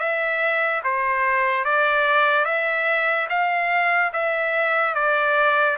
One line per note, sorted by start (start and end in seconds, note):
0.00 0.82 E5
0.84 1.65 C5
1.65 2.45 D5
2.45 3.28 E5
3.30 4.12 F5
4.14 4.95 E5
4.95 5.77 D5